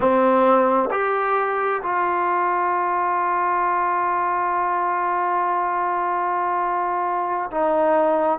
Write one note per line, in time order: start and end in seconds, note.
0.00 0.89 C4
0.90 1.81 G4
1.82 7.50 F4
7.50 8.38 D#4